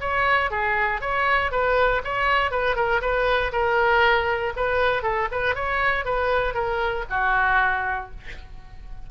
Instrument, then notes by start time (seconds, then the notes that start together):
oboe
0.00 C#5
0.51 G#4
1.01 C#5
1.51 B4
2.04 C#5
2.51 B4
2.76 A#4
3.01 B4
3.52 A#4
4.56 B4
5.03 A4
5.31 B4
5.55 C#5
6.05 B4
6.54 A#4
7.10 F#4